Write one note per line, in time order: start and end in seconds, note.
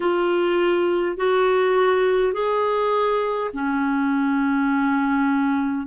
0.00 1.17 F4
1.17 2.33 F#4
2.33 3.50 G#4
3.53 5.86 C#4